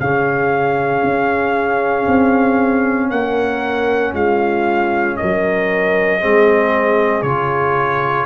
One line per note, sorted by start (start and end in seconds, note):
0.00 1.03 C#3
0.00 6.21 C#4
0.00 3.10 G#4
0.00 3.11 F5
1.03 2.07 C#4
2.08 3.11 C4
3.11 4.14 A#3
3.11 4.14 A#4
3.11 4.14 F#5
4.14 5.17 G#3
4.14 5.17 F4
4.14 5.17 F5
5.17 6.21 A#4
5.17 7.23 D#5
5.23 6.24 F#3
6.21 7.23 G#3
6.21 7.25 C4
6.21 8.27 G#4
7.23 8.26 C#3
7.23 8.27 F4
7.23 8.26 C#5